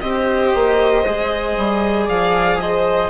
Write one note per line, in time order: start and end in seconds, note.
0.00 0.53 C4
0.00 1.04 G4
0.00 2.05 C5
0.00 2.07 D#5
0.54 1.04 A#3
1.04 1.55 G#3
1.04 3.10 G#4
1.56 2.08 G3
2.05 3.10 F3
2.05 2.56 D5
2.05 2.60 F5
2.60 3.10 C5
2.60 3.10 D#5